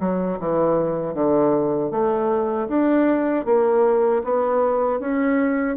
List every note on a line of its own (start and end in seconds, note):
0.00 0.38 F#3
0.40 1.14 E3
1.14 1.91 D3
1.91 2.68 A3
2.69 3.45 D4
3.45 4.22 A#3
4.24 5.00 B3
5.00 5.77 C#4